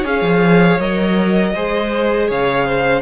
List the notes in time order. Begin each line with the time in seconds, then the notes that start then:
0.00 C#4 G#4 C#5
0.07 F5
0.21 F3
0.79 F#3 A#4 D#5
1.54 G#3 G#4 C5
2.28 C#3 C#5 F5
2.66 C5